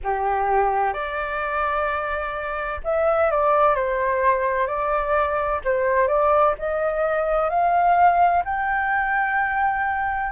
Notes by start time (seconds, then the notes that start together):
0.03 G4
0.93 D5
2.84 E5
3.31 D5
3.75 C5
4.66 D5
5.64 C5
6.07 D5
6.58 D#5
7.49 F5
8.45 G5